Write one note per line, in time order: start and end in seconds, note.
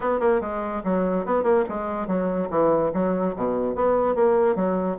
0.00 0.20 B3
0.20 0.40 A#3
0.40 0.82 G#3
0.84 1.25 F#3
1.25 1.43 B3
1.43 1.64 A#3
1.69 2.07 G#3
2.07 2.48 F#3
2.49 2.91 E3
2.93 3.35 F#3
3.36 3.75 B2
3.75 4.15 B3
4.15 4.55 A#3
4.55 4.97 F#3